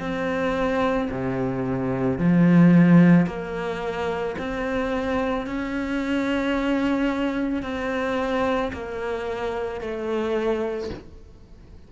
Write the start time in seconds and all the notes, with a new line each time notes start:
0.00 C4
1.11 C3
2.19 F3
3.27 A#3
4.39 C4
5.46 C#4
7.63 C4
8.73 A#3
9.81 A3